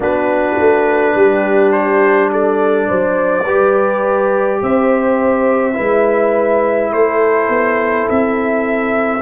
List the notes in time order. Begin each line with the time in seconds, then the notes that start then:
0.00 B3 D4 F#4 B4
0.58 A3
1.14 G3 G4
1.72 C5
2.31 A4 D5
2.87 F#3 C5
3.43 G3 G4 B4
4.62 C4 C5 E5
5.73 E4 B4
5.79 G#3
6.91 A3 A4 C5
7.49 B3
8.09 C4 E5